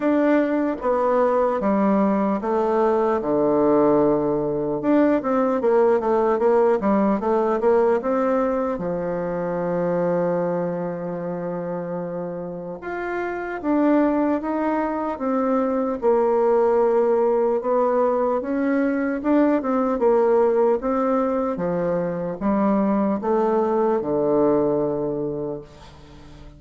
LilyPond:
\new Staff \with { instrumentName = "bassoon" } { \time 4/4 \tempo 4 = 75 d'4 b4 g4 a4 | d2 d'8 c'8 ais8 a8 | ais8 g8 a8 ais8 c'4 f4~ | f1 |
f'4 d'4 dis'4 c'4 | ais2 b4 cis'4 | d'8 c'8 ais4 c'4 f4 | g4 a4 d2 | }